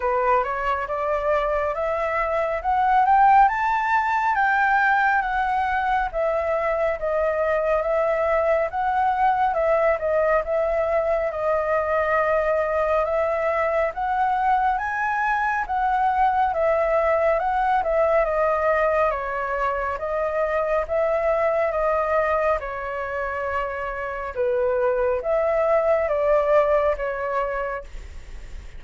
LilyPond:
\new Staff \with { instrumentName = "flute" } { \time 4/4 \tempo 4 = 69 b'8 cis''8 d''4 e''4 fis''8 g''8 | a''4 g''4 fis''4 e''4 | dis''4 e''4 fis''4 e''8 dis''8 | e''4 dis''2 e''4 |
fis''4 gis''4 fis''4 e''4 | fis''8 e''8 dis''4 cis''4 dis''4 | e''4 dis''4 cis''2 | b'4 e''4 d''4 cis''4 | }